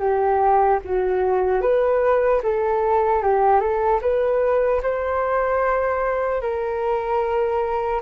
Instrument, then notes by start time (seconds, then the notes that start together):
flute
0.00 G4
0.85 F#4
1.62 B4
2.43 A4
3.23 G4
3.61 A4
4.02 B4
4.83 C5
6.42 A#4